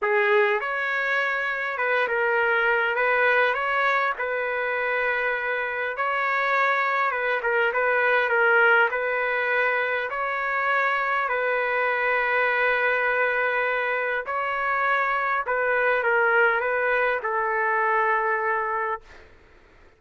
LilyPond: \new Staff \with { instrumentName = "trumpet" } { \time 4/4 \tempo 4 = 101 gis'4 cis''2 b'8 ais'8~ | ais'4 b'4 cis''4 b'4~ | b'2 cis''2 | b'8 ais'8 b'4 ais'4 b'4~ |
b'4 cis''2 b'4~ | b'1 | cis''2 b'4 ais'4 | b'4 a'2. | }